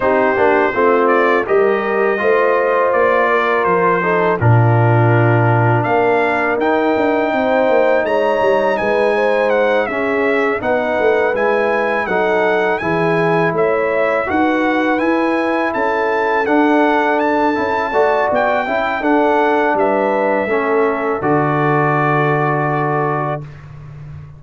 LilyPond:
<<
  \new Staff \with { instrumentName = "trumpet" } { \time 4/4 \tempo 4 = 82 c''4. d''8 dis''2 | d''4 c''4 ais'2 | f''4 g''2 ais''4 | gis''4 fis''8 e''4 fis''4 gis''8~ |
gis''8 fis''4 gis''4 e''4 fis''8~ | fis''8 gis''4 a''4 fis''4 a''8~ | a''4 g''4 fis''4 e''4~ | e''4 d''2. | }
  \new Staff \with { instrumentName = "horn" } { \time 4/4 g'4 f'4 ais'4 c''4~ | c''8 ais'4 a'8 f'2 | ais'2 c''4 cis''4 | b'8 c''4 gis'4 b'4.~ |
b'8 a'4 gis'4 cis''4 b'8~ | b'4. a'2~ a'8~ | a'8 d''4 e''8 a'4 b'4 | a'1 | }
  \new Staff \with { instrumentName = "trombone" } { \time 4/4 dis'8 d'8 c'4 g'4 f'4~ | f'4. dis'8 d'2~ | d'4 dis'2.~ | dis'4. cis'4 dis'4 e'8~ |
e'8 dis'4 e'2 fis'8~ | fis'8 e'2 d'4. | e'8 fis'4 e'8 d'2 | cis'4 fis'2. | }
  \new Staff \with { instrumentName = "tuba" } { \time 4/4 c'8 ais8 a4 g4 a4 | ais4 f4 ais,2 | ais4 dis'8 d'8 c'8 ais8 gis8 g8 | gis4. cis'4 b8 a8 gis8~ |
gis8 fis4 e4 a4 dis'8~ | dis'8 e'4 cis'4 d'4. | cis'8 a8 b8 cis'8 d'4 g4 | a4 d2. | }
>>